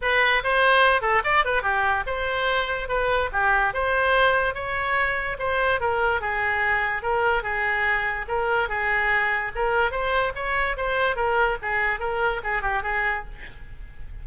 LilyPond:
\new Staff \with { instrumentName = "oboe" } { \time 4/4 \tempo 4 = 145 b'4 c''4. a'8 d''8 b'8 | g'4 c''2 b'4 | g'4 c''2 cis''4~ | cis''4 c''4 ais'4 gis'4~ |
gis'4 ais'4 gis'2 | ais'4 gis'2 ais'4 | c''4 cis''4 c''4 ais'4 | gis'4 ais'4 gis'8 g'8 gis'4 | }